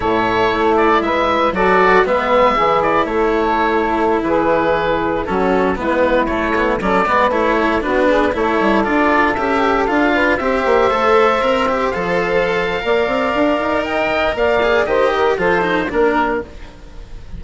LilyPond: <<
  \new Staff \with { instrumentName = "oboe" } { \time 4/4 \tempo 4 = 117 cis''4. d''8 e''4 d''4 | e''4. d''8 cis''2~ | cis''16 b'2 a'4 b'8.~ | b'16 cis''4 d''4 cis''4 b'8.~ |
b'16 cis''4 d''4 e''4 f''8.~ | f''16 e''2. f''8.~ | f''2. g''4 | f''4 dis''4 c''4 ais'4 | }
  \new Staff \with { instrumentName = "saxophone" } { \time 4/4 a'2 b'4 a'4 | b'4 gis'4 a'2~ | a'16 gis'2 fis'4 e'8.~ | e'4~ e'16 a'8 b'4 a'8 fis'8 gis'16~ |
gis'16 a'2.~ a'8 b'16~ | b'16 c''2.~ c''8.~ | c''4 d''2 dis''4 | d''4 c''8 ais'8 a'4 ais'4 | }
  \new Staff \with { instrumentName = "cello" } { \time 4/4 e'2. fis'4 | b4 e'2.~ | e'2~ e'16 cis'4 b8.~ | b16 a8 b8 cis'8 b8 e'4 d'8.~ |
d'16 e'4 f'4 g'4 f'8.~ | f'16 g'4 a'4 ais'8 g'8 a'8.~ | a'4 ais'2.~ | ais'8 gis'8 g'4 f'8 dis'8 d'4 | }
  \new Staff \with { instrumentName = "bassoon" } { \time 4/4 a,4 a4 gis4 fis4 | gis4 e4 a2~ | a16 e2 fis4 gis8.~ | gis16 a4 fis8 gis8 a4 b8.~ |
b16 a8 g8 d'4 cis'4 d'8.~ | d'16 c'8 ais8 a4 c'4 f8.~ | f4 ais8 c'8 d'8 dis'4. | ais4 dis4 f4 ais4 | }
>>